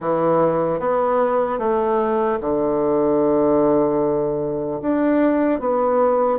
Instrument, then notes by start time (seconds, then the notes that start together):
bassoon
0.00 E3
0.79 B3
1.58 A3
2.40 D3
4.81 D4
5.60 B3